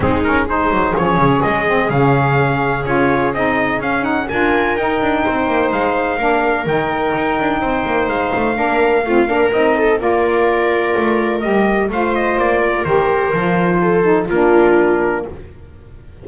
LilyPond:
<<
  \new Staff \with { instrumentName = "trumpet" } { \time 4/4 \tempo 4 = 126 gis'8 ais'8 c''4 cis''4 dis''4 | f''2 cis''4 dis''4 | f''8 fis''8 gis''4 g''2 | f''2 g''2~ |
g''4 f''2. | dis''4 d''2. | dis''4 f''8 dis''8 d''4 c''4~ | c''2 ais'2 | }
  \new Staff \with { instrumentName = "viola" } { \time 4/4 dis'4 gis'2.~ | gis'1~ | gis'4 ais'2 c''4~ | c''4 ais'2. |
c''2 ais'4 f'8 ais'8~ | ais'8 a'8 ais'2.~ | ais'4 c''4. ais'4.~ | ais'4 a'4 f'2 | }
  \new Staff \with { instrumentName = "saxophone" } { \time 4/4 c'8 cis'8 dis'4 cis'4. c'8 | cis'2 f'4 dis'4 | cis'8 dis'8 f'4 dis'2~ | dis'4 d'4 dis'2~ |
dis'2 d'4 c'8 d'8 | dis'4 f'2. | g'4 f'2 g'4 | f'4. dis'8 d'2 | }
  \new Staff \with { instrumentName = "double bass" } { \time 4/4 gis4. fis8 f8 cis8 gis4 | cis2 cis'4 c'4 | cis'4 d'4 dis'8 d'8 c'8 ais8 | gis4 ais4 dis4 dis'8 d'8 |
c'8 ais8 gis8 a8 ais4 a8 ais8 | c'4 ais2 a4 | g4 a4 ais4 dis4 | f2 ais2 | }
>>